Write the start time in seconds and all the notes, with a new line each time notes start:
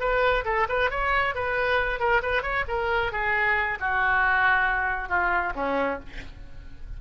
0.00 B4
0.45 A4
0.69 B4
0.90 C#5
1.35 B4
1.99 A#4
2.22 B4
2.42 C#5
2.68 A#4
3.12 G#4
3.80 F#4
5.09 F4
5.55 C#4